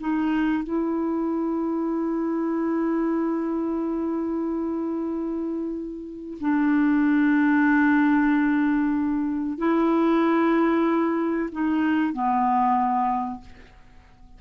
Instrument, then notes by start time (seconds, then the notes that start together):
clarinet
0.00 D#4
0.64 E4
6.40 D4
9.58 E4
11.52 D#4
12.13 B3